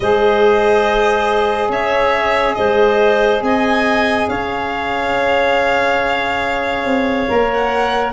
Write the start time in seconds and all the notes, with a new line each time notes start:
0.00 G#3 G#4 C5 D#5
1.69 C#4 C#5 E5
2.54 G#3 C5 D#5
3.41 C4 D#5 G#5
4.28 C#4 C#5 F5
6.84 C4
7.27 A#3 A#4
7.52 F#5